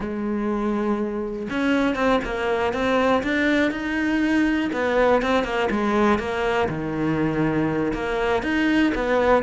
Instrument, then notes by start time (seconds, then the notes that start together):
cello
0.00 G#3
1.50 C#4
1.95 C4
2.24 A#3
2.73 C4
3.23 D4
3.71 D#4
4.72 B3
5.22 C4
5.44 A#3
5.70 G#3
6.18 A#3
6.68 D#3
7.93 A#3
8.43 D#4
8.94 B3